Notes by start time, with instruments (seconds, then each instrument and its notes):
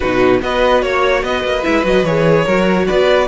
0.00 cello B2, viola D#4, violin F#4 B4
0.40 cello B3, viola F#4, violin B4 D#5
0.82 cello A#3, violin C#5
1.22 cello B3, violin B4 D#5
1.43 cello A#3
1.63 cello G#3, viola E4, violin E5
1.83 cello F#3, viola F#4, violin D#5
2.03 cello E3, viola G#4, violin C#5
2.44 cello F#3, viola F#4, violin A#4
2.86 cello B3, violin B4 D5